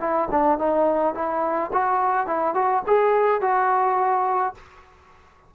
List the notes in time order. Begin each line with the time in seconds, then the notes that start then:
0.00 E4
0.31 D4
0.59 D#4
1.14 E4
1.73 F#4
2.27 E4
2.54 F#4
2.87 G#4
3.41 F#4